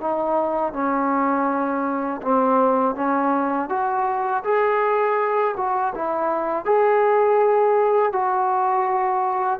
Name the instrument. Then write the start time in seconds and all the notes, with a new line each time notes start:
trombone
0.00 D#4
0.73 C#4
2.22 C4
2.95 C#4
3.69 F#4
4.44 G#4
5.56 F#4
5.95 E4
6.65 G#4
8.12 F#4